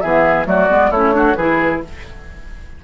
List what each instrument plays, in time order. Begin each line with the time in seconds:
0.00 bassoon E3, clarinet B3, oboe G#4, flute E5
0.45 bassoon F#3, clarinet A3, oboe F#4, flute D5
0.69 bassoon G#3, clarinet B3
0.90 bassoon A3, clarinet C#4, oboe E4, flute C#5
1.12 clarinet D4, oboe F#4
1.35 bassoon E3, clarinet E4, oboe G#4, flute B4